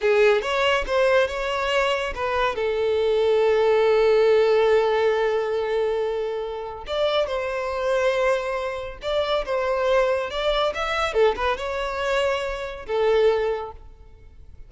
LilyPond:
\new Staff \with { instrumentName = "violin" } { \time 4/4 \tempo 4 = 140 gis'4 cis''4 c''4 cis''4~ | cis''4 b'4 a'2~ | a'1~ | a'1 |
d''4 c''2.~ | c''4 d''4 c''2 | d''4 e''4 a'8 b'8 cis''4~ | cis''2 a'2 | }